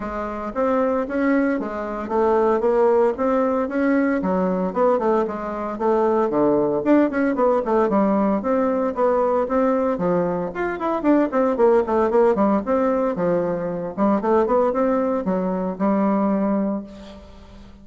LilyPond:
\new Staff \with { instrumentName = "bassoon" } { \time 4/4 \tempo 4 = 114 gis4 c'4 cis'4 gis4 | a4 ais4 c'4 cis'4 | fis4 b8 a8 gis4 a4 | d4 d'8 cis'8 b8 a8 g4 |
c'4 b4 c'4 f4 | f'8 e'8 d'8 c'8 ais8 a8 ais8 g8 | c'4 f4. g8 a8 b8 | c'4 fis4 g2 | }